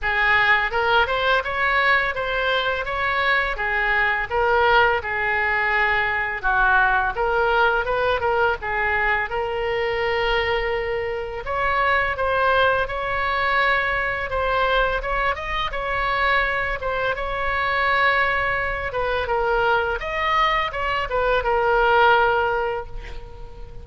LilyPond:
\new Staff \with { instrumentName = "oboe" } { \time 4/4 \tempo 4 = 84 gis'4 ais'8 c''8 cis''4 c''4 | cis''4 gis'4 ais'4 gis'4~ | gis'4 fis'4 ais'4 b'8 ais'8 | gis'4 ais'2. |
cis''4 c''4 cis''2 | c''4 cis''8 dis''8 cis''4. c''8 | cis''2~ cis''8 b'8 ais'4 | dis''4 cis''8 b'8 ais'2 | }